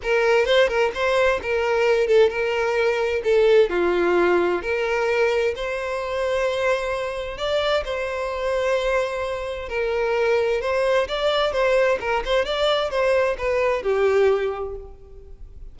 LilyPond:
\new Staff \with { instrumentName = "violin" } { \time 4/4 \tempo 4 = 130 ais'4 c''8 ais'8 c''4 ais'4~ | ais'8 a'8 ais'2 a'4 | f'2 ais'2 | c''1 |
d''4 c''2.~ | c''4 ais'2 c''4 | d''4 c''4 ais'8 c''8 d''4 | c''4 b'4 g'2 | }